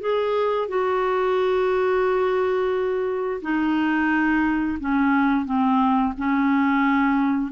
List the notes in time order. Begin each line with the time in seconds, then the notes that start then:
0.00 G#4
0.68 F#4
3.42 D#4
4.80 C#4
5.45 C4
6.17 C#4